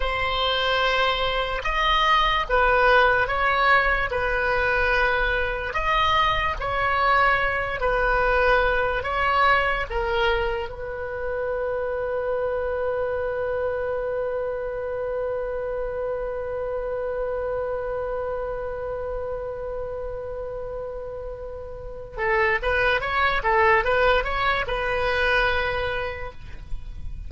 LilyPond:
\new Staff \with { instrumentName = "oboe" } { \time 4/4 \tempo 4 = 73 c''2 dis''4 b'4 | cis''4 b'2 dis''4 | cis''4. b'4. cis''4 | ais'4 b'2.~ |
b'1~ | b'1~ | b'2. a'8 b'8 | cis''8 a'8 b'8 cis''8 b'2 | }